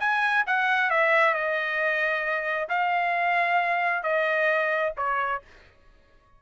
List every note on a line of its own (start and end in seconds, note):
0.00 0.45 G#5
0.47 0.91 F#5
0.91 1.34 E5
1.34 2.69 D#5
2.69 4.03 F5
4.03 4.93 D#5
4.97 5.42 C#5